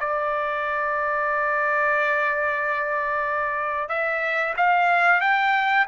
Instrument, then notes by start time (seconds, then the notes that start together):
trumpet
0.00 D5
3.88 E5
4.57 F5
5.21 G5